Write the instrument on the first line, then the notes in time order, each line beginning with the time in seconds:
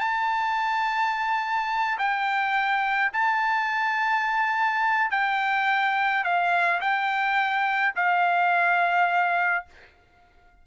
trumpet
0.00 A5
1.98 G5
3.13 A5
5.11 G5
6.24 F5
6.81 G5
7.96 F5